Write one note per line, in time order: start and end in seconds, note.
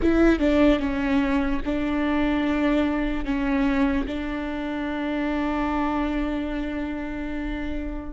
0.01 0.39 E4
0.39 0.79 D4
0.79 1.60 C#4
1.65 3.24 D4
3.24 4.05 C#4
4.07 8.12 D4